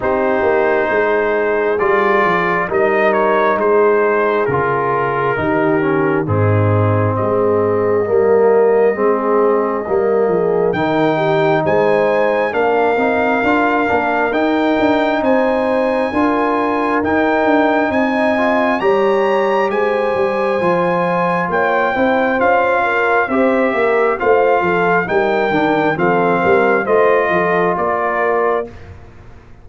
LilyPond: <<
  \new Staff \with { instrumentName = "trumpet" } { \time 4/4 \tempo 4 = 67 c''2 d''4 dis''8 cis''8 | c''4 ais'2 gis'4 | dis''1 | g''4 gis''4 f''2 |
g''4 gis''2 g''4 | gis''4 ais''4 gis''2 | g''4 f''4 e''4 f''4 | g''4 f''4 dis''4 d''4 | }
  \new Staff \with { instrumentName = "horn" } { \time 4/4 g'4 gis'2 ais'4 | gis'2 g'4 dis'4 | gis'4 ais'4 gis'4 ais'8 gis'8 | ais'8 g'8 c''4 ais'2~ |
ais'4 c''4 ais'2 | dis''4 cis''4 c''2 | cis''8 c''4 ais'8 c''8 ais'8 c''8 a'8 | ais'4 a'8 ais'8 c''8 a'8 ais'4 | }
  \new Staff \with { instrumentName = "trombone" } { \time 4/4 dis'2 f'4 dis'4~ | dis'4 f'4 dis'8 cis'8 c'4~ | c'4 ais4 c'4 ais4 | dis'2 d'8 dis'8 f'8 d'8 |
dis'2 f'4 dis'4~ | dis'8 f'8 g'2 f'4~ | f'8 e'8 f'4 g'4 f'4 | dis'8 d'8 c'4 f'2 | }
  \new Staff \with { instrumentName = "tuba" } { \time 4/4 c'8 ais8 gis4 g8 f8 g4 | gis4 cis4 dis4 gis,4 | gis4 g4 gis4 g8 f8 | dis4 gis4 ais8 c'8 d'8 ais8 |
dis'8 d'8 c'4 d'4 dis'8 d'8 | c'4 g4 gis8 g8 f4 | ais8 c'8 cis'4 c'8 ais8 a8 f8 | g8 dis8 f8 g8 a8 f8 ais4 | }
>>